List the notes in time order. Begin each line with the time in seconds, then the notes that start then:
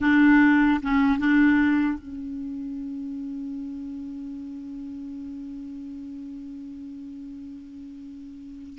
0.01 D4
0.82 C#4
1.18 D4
1.98 C#4